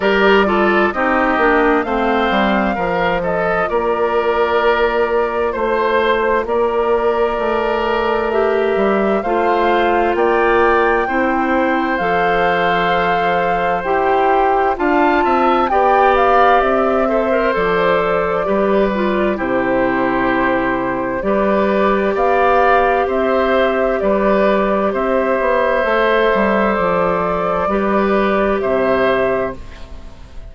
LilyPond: <<
  \new Staff \with { instrumentName = "flute" } { \time 4/4 \tempo 4 = 65 d''4 dis''4 f''4. dis''8 | d''2 c''4 d''4~ | d''4 e''4 f''4 g''4~ | g''4 f''2 g''4 |
a''4 g''8 f''8 e''4 d''4~ | d''4 c''2 d''4 | f''4 e''4 d''4 e''4~ | e''4 d''2 e''4 | }
  \new Staff \with { instrumentName = "oboe" } { \time 4/4 ais'8 a'8 g'4 c''4 ais'8 a'8 | ais'2 c''4 ais'4~ | ais'2 c''4 d''4 | c''1 |
f''8 e''8 d''4. c''4. | b'4 g'2 b'4 | d''4 c''4 b'4 c''4~ | c''2 b'4 c''4 | }
  \new Staff \with { instrumentName = "clarinet" } { \time 4/4 g'8 f'8 dis'8 d'8 c'4 f'4~ | f'1~ | f'4 g'4 f'2 | e'4 a'2 g'4 |
f'4 g'4. a'16 ais'16 a'4 | g'8 f'8 e'2 g'4~ | g'1 | a'2 g'2 | }
  \new Staff \with { instrumentName = "bassoon" } { \time 4/4 g4 c'8 ais8 a8 g8 f4 | ais2 a4 ais4 | a4. g8 a4 ais4 | c'4 f2 e'4 |
d'8 c'8 b4 c'4 f4 | g4 c2 g4 | b4 c'4 g4 c'8 b8 | a8 g8 f4 g4 c4 | }
>>